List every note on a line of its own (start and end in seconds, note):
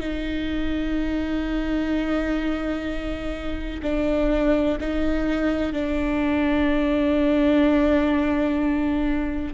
0.00 3.81 D#4
3.83 4.78 D4
4.81 5.73 D#4
5.73 9.54 D4